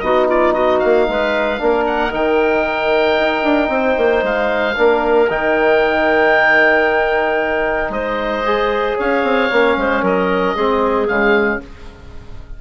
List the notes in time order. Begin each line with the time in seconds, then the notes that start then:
0.00 B3 D#4 F#4 D#5
0.28 F4 D5
0.54 F#4 D#5
0.80 A#3 F5
1.09 G#3 B4
1.59 A#3 D4 A#4
1.87 F#5
2.11 D#3 D#4 G5
3.19 D#4
3.44 D4
3.69 C4 C5
3.98 A#3
4.23 G#3 F5
4.75 A#3 D4 A#4
5.30 D#3 D#4 G5
7.89 G#3 C5 D#5
8.46 G#4
8.98 C#4 C#5 F5
9.24 C4
9.52 A#3 C#4
9.77 G#3 C5
10.02 F#3 A#4 D#5
10.56 G#3 C4 G#4
11.08 C#3 G#3 F5